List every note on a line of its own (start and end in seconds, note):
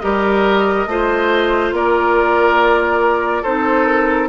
0.00 0.86 G3
0.00 0.87 G4
0.00 0.89 A#4
0.00 1.71 D#5
0.86 1.72 A3
0.86 3.46 F4
0.86 1.75 C5
1.72 3.44 A#3
1.72 3.43 A#4
1.72 3.44 D5
3.43 4.30 C4
3.43 4.30 D#4
3.43 4.28 A4
3.43 3.86 C5
3.86 4.28 A#4